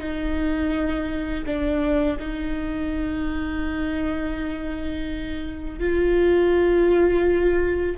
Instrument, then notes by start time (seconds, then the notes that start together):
viola
0.00 D#4
1.46 D4
2.19 D#4
5.80 F4